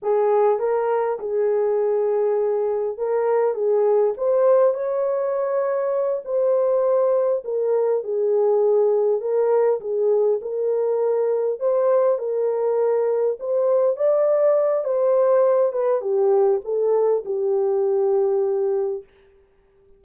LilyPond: \new Staff \with { instrumentName = "horn" } { \time 4/4 \tempo 4 = 101 gis'4 ais'4 gis'2~ | gis'4 ais'4 gis'4 c''4 | cis''2~ cis''8 c''4.~ | c''8 ais'4 gis'2 ais'8~ |
ais'8 gis'4 ais'2 c''8~ | c''8 ais'2 c''4 d''8~ | d''4 c''4. b'8 g'4 | a'4 g'2. | }